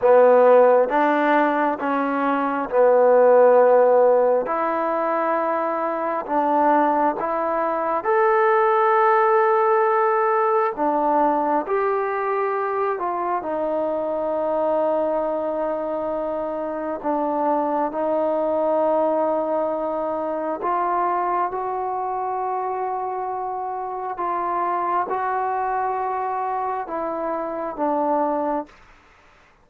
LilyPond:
\new Staff \with { instrumentName = "trombone" } { \time 4/4 \tempo 4 = 67 b4 d'4 cis'4 b4~ | b4 e'2 d'4 | e'4 a'2. | d'4 g'4. f'8 dis'4~ |
dis'2. d'4 | dis'2. f'4 | fis'2. f'4 | fis'2 e'4 d'4 | }